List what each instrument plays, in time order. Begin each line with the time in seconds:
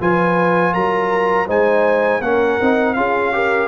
0.00 tuba F3, trombone F4, horn B4, trumpet G#5
0.73 tuba F#3, horn A#4, trumpet A#5
1.46 tuba G#3, trombone D#4, horn C5, trumpet G#5
2.20 tuba A#3, trombone C#4, horn A#4, trumpet F#5
2.61 tuba C4, trombone D#4
2.94 tuba C#4, trombone F4, horn G#4, trumpet F5
3.32 trombone G4, horn A#4